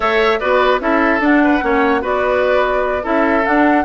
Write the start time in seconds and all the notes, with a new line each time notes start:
0.00 A3 A4 C#5 E5
0.39 B3 F#4 B4 D5
0.80 C#4 E4 A4 E5
1.20 D4 F#5
1.43 B4
1.61 A#3 C#4 C#5
2.01 B3 F#4 B4 D5
3.02 C#4 E4 A4 E5
3.45 D4 F#5